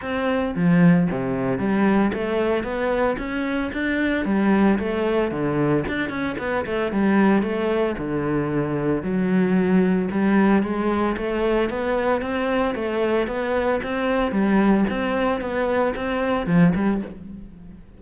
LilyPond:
\new Staff \with { instrumentName = "cello" } { \time 4/4 \tempo 4 = 113 c'4 f4 c4 g4 | a4 b4 cis'4 d'4 | g4 a4 d4 d'8 cis'8 | b8 a8 g4 a4 d4~ |
d4 fis2 g4 | gis4 a4 b4 c'4 | a4 b4 c'4 g4 | c'4 b4 c'4 f8 g8 | }